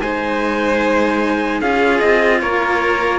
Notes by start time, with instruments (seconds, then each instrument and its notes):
0.00 cello G#3 D#4, violin C5, trumpet G#5
1.60 cello C#4 F4, violin G#4, trumpet F5
1.99 cello C4, trumpet D#5
2.40 cello A#3, violin A#4, trumpet C#5